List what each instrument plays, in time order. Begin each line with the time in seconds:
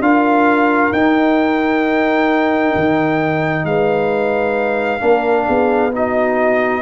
0.00 tuba D4, trombone F4, horn A#4, trumpet F5
0.92 tuba D#4, trombone D#4, trumpet G5
2.75 tuba D#3
3.64 tuba G#3, horn B4, trumpet F5
5.00 tuba A#3, trombone D4, horn A#4
5.46 tuba B3, horn G#4
5.91 trombone D#4, horn F#4, trumpet D#5